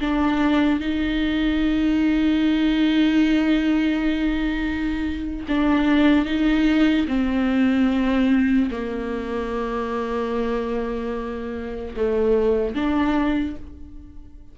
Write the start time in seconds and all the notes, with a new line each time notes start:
0.00 D4
0.79 D#4
5.48 D4
6.25 D#4
7.07 C4
8.70 A#3
11.96 A3
12.75 D4